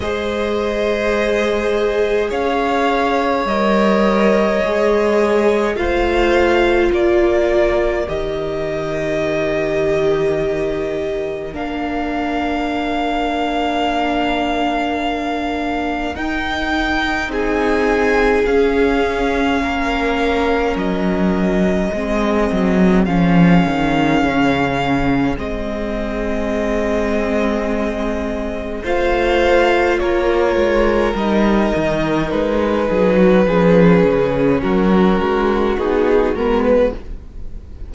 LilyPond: <<
  \new Staff \with { instrumentName = "violin" } { \time 4/4 \tempo 4 = 52 dis''2 f''4 dis''4~ | dis''4 f''4 d''4 dis''4~ | dis''2 f''2~ | f''2 g''4 gis''4 |
f''2 dis''2 | f''2 dis''2~ | dis''4 f''4 cis''4 dis''4 | b'2 ais'4 gis'8 ais'16 b'16 | }
  \new Staff \with { instrumentName = "violin" } { \time 4/4 c''2 cis''2~ | cis''4 c''4 ais'2~ | ais'1~ | ais'2. gis'4~ |
gis'4 ais'2 gis'4~ | gis'1~ | gis'4 c''4 ais'2~ | ais'8 gis'16 fis'16 gis'4 fis'2 | }
  \new Staff \with { instrumentName = "viola" } { \time 4/4 gis'2. ais'4 | gis'4 f'2 g'4~ | g'2 d'2~ | d'2 dis'2 |
cis'2. c'4 | cis'2 c'2~ | c'4 f'2 dis'4~ | dis'4 cis'2 dis'8 b8 | }
  \new Staff \with { instrumentName = "cello" } { \time 4/4 gis2 cis'4 g4 | gis4 a4 ais4 dis4~ | dis2 ais2~ | ais2 dis'4 c'4 |
cis'4 ais4 fis4 gis8 fis8 | f8 dis8 cis4 gis2~ | gis4 a4 ais8 gis8 g8 dis8 | gis8 fis8 f8 cis8 fis8 gis8 b8 gis8 | }
>>